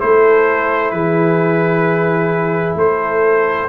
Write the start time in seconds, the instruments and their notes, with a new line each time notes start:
0.00 tuba A3, trombone E4, horn A4, trumpet C5
0.91 tuba E3, horn G#4, trumpet B4
2.75 tuba A3, horn A4, trumpet C5